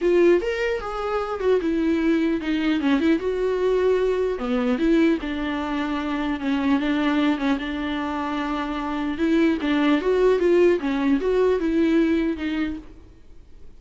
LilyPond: \new Staff \with { instrumentName = "viola" } { \time 4/4 \tempo 4 = 150 f'4 ais'4 gis'4. fis'8 | e'2 dis'4 cis'8 e'8 | fis'2. b4 | e'4 d'2. |
cis'4 d'4. cis'8 d'4~ | d'2. e'4 | d'4 fis'4 f'4 cis'4 | fis'4 e'2 dis'4 | }